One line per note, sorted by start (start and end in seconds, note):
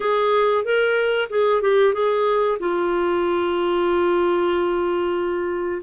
0.00 0.64 G#4
0.64 1.28 A#4
1.29 1.61 G#4
1.61 1.93 G4
1.93 2.58 G#4
2.59 5.82 F4